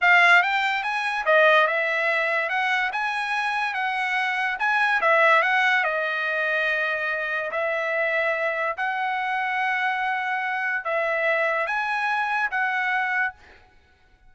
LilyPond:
\new Staff \with { instrumentName = "trumpet" } { \time 4/4 \tempo 4 = 144 f''4 g''4 gis''4 dis''4 | e''2 fis''4 gis''4~ | gis''4 fis''2 gis''4 | e''4 fis''4 dis''2~ |
dis''2 e''2~ | e''4 fis''2.~ | fis''2 e''2 | gis''2 fis''2 | }